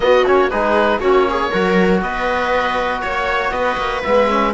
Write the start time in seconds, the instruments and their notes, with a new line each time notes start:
0.00 trombone B3, cello B3, viola F#4, oboe D#5
0.25 cello A#3, trombone C#4, oboe C#5
0.50 cello G#3, trombone D#4, viola G#4, oboe B4
0.99 cello A#3, trombone C#4, viola F#4, oboe C#5
1.29 viola G#4
1.50 cello F#3, trombone F#4, viola A#4
2.01 cello B3, viola B4, oboe D#5
3.01 cello A#3, oboe C#5, viola C#5
3.51 cello B3, viola B4, oboe D#5
3.77 cello A#3
4.03 cello G#3, trombone B3, oboe E5
4.28 trombone C#4